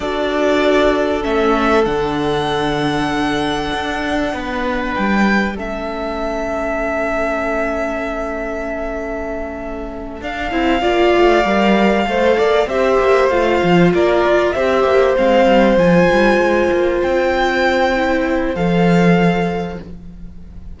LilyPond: <<
  \new Staff \with { instrumentName = "violin" } { \time 4/4 \tempo 4 = 97 d''2 e''4 fis''4~ | fis''1 | g''4 e''2.~ | e''1~ |
e''8 f''2.~ f''8~ | f''8 e''4 f''4 d''4 e''8~ | e''8 f''4 gis''2 g''8~ | g''2 f''2 | }
  \new Staff \with { instrumentName = "violin" } { \time 4/4 a'1~ | a'2. b'4~ | b'4 a'2.~ | a'1~ |
a'4. d''2 c''8 | d''8 c''2 ais'4 c''8~ | c''1~ | c''1 | }
  \new Staff \with { instrumentName = "viola" } { \time 4/4 fis'2 cis'4 d'4~ | d'1~ | d'4 cis'2.~ | cis'1~ |
cis'8 d'8 e'8 f'4 ais'4 a'8~ | a'8 g'4 f'2 g'8~ | g'8 c'4 f'2~ f'8~ | f'4 e'4 a'2 | }
  \new Staff \with { instrumentName = "cello" } { \time 4/4 d'2 a4 d4~ | d2 d'4 b4 | g4 a2.~ | a1~ |
a8 d'8 c'8 ais8 a8 g4 a8 | ais8 c'8 ais8 a8 f8 ais8 f'8 c'8 | ais8 gis8 g8 f8 g8 gis8 ais8 c'8~ | c'2 f2 | }
>>